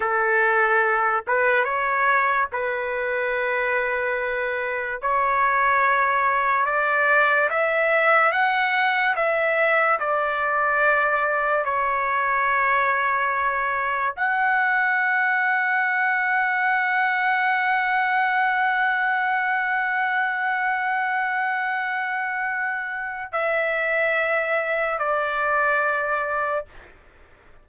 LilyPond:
\new Staff \with { instrumentName = "trumpet" } { \time 4/4 \tempo 4 = 72 a'4. b'8 cis''4 b'4~ | b'2 cis''2 | d''4 e''4 fis''4 e''4 | d''2 cis''2~ |
cis''4 fis''2.~ | fis''1~ | fis''1 | e''2 d''2 | }